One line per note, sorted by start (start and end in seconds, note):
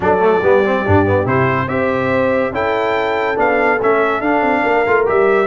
0.00 0.41 F#3
0.00 0.18 D4
0.00 0.41 A4
0.00 1.27 D5
0.19 0.40 A3
0.41 0.84 G3
0.41 0.64 B3
0.41 1.68 G4
0.64 0.85 C4
0.85 1.25 G2
0.85 1.06 D4
1.06 1.25 B3
1.25 1.66 C3
1.25 1.67 E4
1.25 1.68 C5
1.66 2.51 C4
1.66 2.53 G4
1.66 2.53 C5
1.66 2.52 E5
2.51 3.36 C#4
2.51 3.35 E4
2.51 4.62 A4
2.51 3.38 G5
3.35 3.79 B3
3.35 3.77 D4
3.35 3.81 F5
3.81 4.20 A3
3.81 4.22 C#4
3.81 4.21 E5
4.20 4.41 D4
4.20 4.86 D4
4.20 5.05 F5
4.41 4.62 C4
4.62 4.86 A#3
4.62 5.46 A#4
4.86 5.07 A3
4.86 5.05 F4
5.05 5.46 G3
5.05 5.46 G4
5.05 5.46 E5